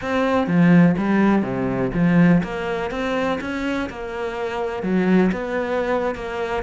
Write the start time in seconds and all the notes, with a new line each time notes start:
0.01 C4
0.47 F3
0.97 G3
1.42 C3
1.94 F3
2.43 A#3
2.91 C4
3.40 C#4
3.89 A#3
4.82 F#3
5.32 B3
6.15 A#3